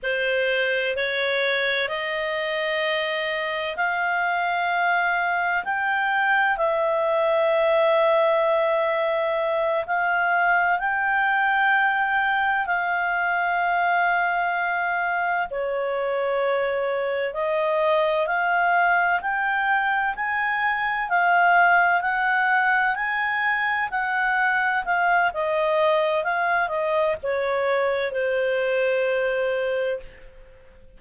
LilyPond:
\new Staff \with { instrumentName = "clarinet" } { \time 4/4 \tempo 4 = 64 c''4 cis''4 dis''2 | f''2 g''4 e''4~ | e''2~ e''8 f''4 g''8~ | g''4. f''2~ f''8~ |
f''8 cis''2 dis''4 f''8~ | f''8 g''4 gis''4 f''4 fis''8~ | fis''8 gis''4 fis''4 f''8 dis''4 | f''8 dis''8 cis''4 c''2 | }